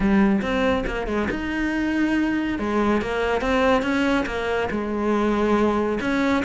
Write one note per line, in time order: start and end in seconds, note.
0.00 0.41 G3
0.41 0.84 C4
0.86 1.07 A#3
1.07 1.28 G#3
1.30 2.59 D#4
2.59 3.01 G#3
3.01 3.41 A#3
3.41 3.82 C4
3.82 4.25 C#4
4.26 4.69 A#3
4.70 5.99 G#3
6.01 6.43 C#4